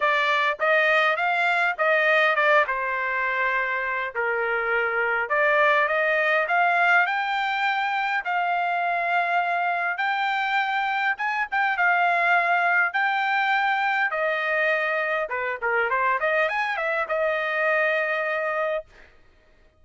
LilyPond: \new Staff \with { instrumentName = "trumpet" } { \time 4/4 \tempo 4 = 102 d''4 dis''4 f''4 dis''4 | d''8 c''2~ c''8 ais'4~ | ais'4 d''4 dis''4 f''4 | g''2 f''2~ |
f''4 g''2 gis''8 g''8 | f''2 g''2 | dis''2 b'8 ais'8 c''8 dis''8 | gis''8 e''8 dis''2. | }